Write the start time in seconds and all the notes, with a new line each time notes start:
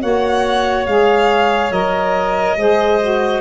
0.00 A#3 F#4 C#5 F#5
0.86 G#3 G#4 F5
1.71 F#3 A#4 D#5
2.56 G#3 G#4 C5
3.01 F#4